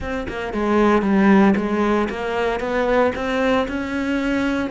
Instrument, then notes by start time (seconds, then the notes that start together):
cello
0.00 C4
0.28 A#3
0.53 G#3
1.02 G3
1.56 G#3
2.09 A#3
2.59 B3
3.15 C4
3.68 C#4